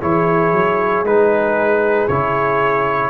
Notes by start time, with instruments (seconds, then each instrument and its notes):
0.00 tuba E3, trombone E4, horn G#4, trumpet C#5
0.52 tuba F#3
1.03 tuba G#3, trombone D#4, trumpet B4
2.08 tuba C#3, trombone E4, trumpet C#5